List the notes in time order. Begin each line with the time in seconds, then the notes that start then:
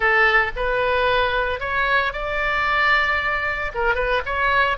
0.00 A4
0.56 B4
1.60 C#5
2.12 D5
3.74 A#4
3.95 B4
4.25 C#5